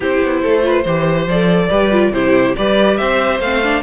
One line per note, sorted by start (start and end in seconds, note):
0.00 0.21 C4
0.00 0.62 E4
0.00 0.41 G4
0.00 1.28 C5
0.22 0.43 B3
0.42 0.85 A3
0.42 0.63 A4
0.62 0.83 F4
0.62 0.83 B4
0.83 1.26 E3
0.83 1.29 G4
0.83 1.68 C5
1.26 1.69 F3
1.26 1.70 A4
1.26 2.13 D5
1.69 2.10 G3
1.69 1.91 G4
1.69 2.11 B4
1.91 2.12 F4
2.10 2.53 C3
2.10 2.55 E4
2.10 2.56 G4
2.10 2.55 C5
2.56 3.00 G3
2.56 3.42 G4
2.56 2.99 B4
2.56 2.97 D5
2.97 3.39 C4
2.97 3.82 C5
2.97 3.39 E5
3.39 3.82 A3
3.39 3.62 C4
3.39 3.82 F5
3.62 3.82 D4